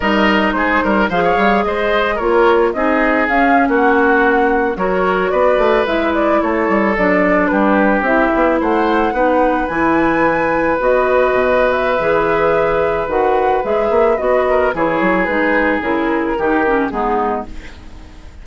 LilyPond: <<
  \new Staff \with { instrumentName = "flute" } { \time 4/4 \tempo 4 = 110 dis''4 c''4 f''4 dis''4 | cis''4 dis''4 f''8. fis''4~ fis''16~ | fis''8. cis''4 d''4 e''8 d''8 cis''16~ | cis''8. d''4 b'4 e''4 fis''16~ |
fis''4.~ fis''16 gis''2 dis''16~ | dis''4. e''2~ e''8 | fis''4 e''4 dis''4 cis''4 | b'4 ais'2 gis'4 | }
  \new Staff \with { instrumentName = "oboe" } { \time 4/4 ais'4 gis'8 ais'8 c''16 cis''8. c''4 | ais'4 gis'4.~ gis'16 fis'4~ fis'16~ | fis'8. ais'4 b'2 a'16~ | a'4.~ a'16 g'2 c''16~ |
c''8. b'2.~ b'16~ | b'1~ | b'2~ b'8 ais'8 gis'4~ | gis'2 g'4 dis'4 | }
  \new Staff \with { instrumentName = "clarinet" } { \time 4/4 dis'2 gis'2 | f'4 dis'4 cis'2~ | cis'8. fis'2 e'4~ e'16~ | e'8. d'2 e'4~ e'16~ |
e'8. dis'4 e'2 fis'16~ | fis'2 gis'2 | fis'4 gis'4 fis'4 e'4 | dis'4 e'4 dis'8 cis'8 b4 | }
  \new Staff \with { instrumentName = "bassoon" } { \time 4/4 g4 gis8 g8 f8 g8 gis4 | ais4 c'4 cis'8. ais4~ ais16~ | ais8. fis4 b8 a8 gis4 a16~ | a16 g8 fis4 g4 c'8 b8 a16~ |
a8. b4 e2 b16~ | b8. b,4~ b,16 e2 | dis4 gis8 ais8 b4 e8 fis8 | gis4 cis4 dis4 gis4 | }
>>